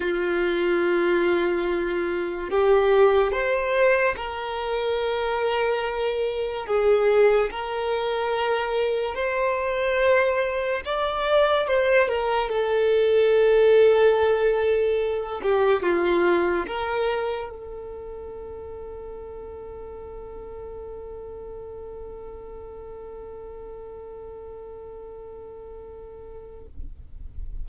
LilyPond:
\new Staff \with { instrumentName = "violin" } { \time 4/4 \tempo 4 = 72 f'2. g'4 | c''4 ais'2. | gis'4 ais'2 c''4~ | c''4 d''4 c''8 ais'8 a'4~ |
a'2~ a'8 g'8 f'4 | ais'4 a'2.~ | a'1~ | a'1 | }